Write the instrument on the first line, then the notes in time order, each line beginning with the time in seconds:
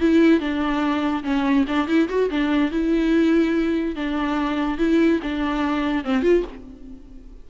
viola
0.00 E4
0.40 D4
1.23 C#4
1.67 D4
1.87 E4
2.09 F#4
2.30 D4
2.71 E4
3.96 D4
4.78 E4
5.23 D4
6.04 C4
6.22 F4